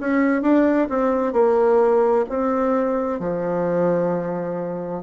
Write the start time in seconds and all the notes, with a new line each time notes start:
0.00 C#4
0.42 D4
0.89 C4
1.33 A#3
2.29 C4
3.20 F3